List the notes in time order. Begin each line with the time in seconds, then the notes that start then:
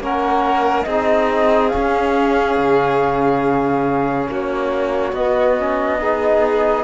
0.00 A#3 C#4 A#4 F#5
0.84 C4 D#4 G#4 D#5
1.69 C#4 F5
1.76 C#4
2.57 C#3
4.28 A#3 F#4 C#5
5.13 B3 D#5
5.59 C#4
6.01 D#4 G#4